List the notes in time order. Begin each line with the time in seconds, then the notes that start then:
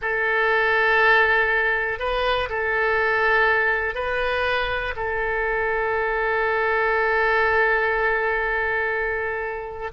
0.01 A4
1.99 B4
2.49 A4
3.94 B4
4.96 A4